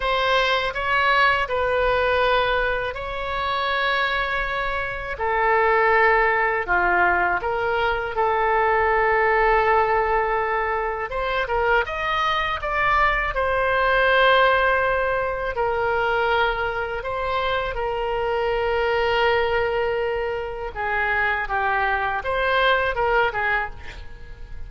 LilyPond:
\new Staff \with { instrumentName = "oboe" } { \time 4/4 \tempo 4 = 81 c''4 cis''4 b'2 | cis''2. a'4~ | a'4 f'4 ais'4 a'4~ | a'2. c''8 ais'8 |
dis''4 d''4 c''2~ | c''4 ais'2 c''4 | ais'1 | gis'4 g'4 c''4 ais'8 gis'8 | }